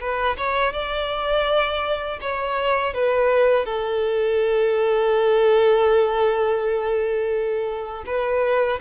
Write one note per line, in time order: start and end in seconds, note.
0.00 0.37 B4
0.37 0.73 C#5
0.73 2.19 D5
2.21 2.94 C#5
2.94 3.65 B4
3.65 8.04 A4
8.06 8.79 B4